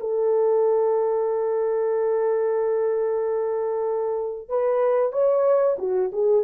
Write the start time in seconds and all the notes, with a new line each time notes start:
0.00 A4
4.49 B4
5.12 C#5
5.79 F#4
6.12 G#4